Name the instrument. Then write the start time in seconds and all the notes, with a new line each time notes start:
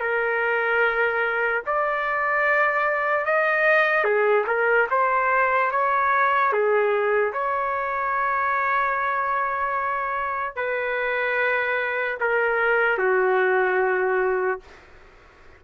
trumpet
0.00 A#4
1.66 D5
3.25 D#5
4.04 G#4
4.47 A#4
4.90 C5
5.71 C#5
6.52 G#4
7.33 C#5
10.56 B4
12.20 A#4
12.98 F#4